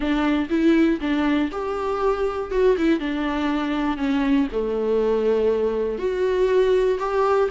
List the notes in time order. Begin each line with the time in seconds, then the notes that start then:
0.00 D4
0.49 E4
1.00 D4
1.51 G4
2.51 F#4
2.77 E4
2.99 D4
3.97 C#4
4.51 A3
5.98 F#4
6.99 G4